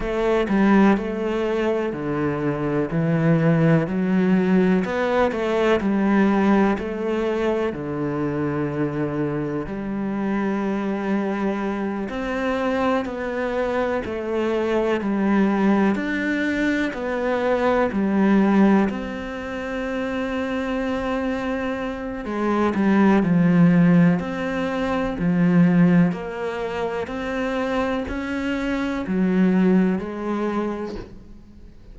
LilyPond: \new Staff \with { instrumentName = "cello" } { \time 4/4 \tempo 4 = 62 a8 g8 a4 d4 e4 | fis4 b8 a8 g4 a4 | d2 g2~ | g8 c'4 b4 a4 g8~ |
g8 d'4 b4 g4 c'8~ | c'2. gis8 g8 | f4 c'4 f4 ais4 | c'4 cis'4 fis4 gis4 | }